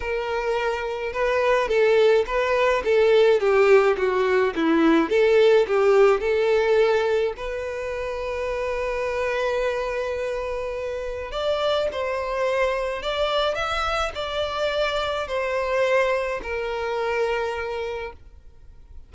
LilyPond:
\new Staff \with { instrumentName = "violin" } { \time 4/4 \tempo 4 = 106 ais'2 b'4 a'4 | b'4 a'4 g'4 fis'4 | e'4 a'4 g'4 a'4~ | a'4 b'2.~ |
b'1 | d''4 c''2 d''4 | e''4 d''2 c''4~ | c''4 ais'2. | }